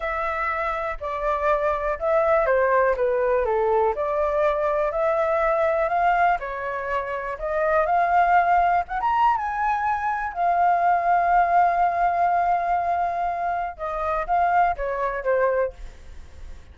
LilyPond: \new Staff \with { instrumentName = "flute" } { \time 4/4 \tempo 4 = 122 e''2 d''2 | e''4 c''4 b'4 a'4 | d''2 e''2 | f''4 cis''2 dis''4 |
f''2 fis''16 ais''8. gis''4~ | gis''4 f''2.~ | f''1 | dis''4 f''4 cis''4 c''4 | }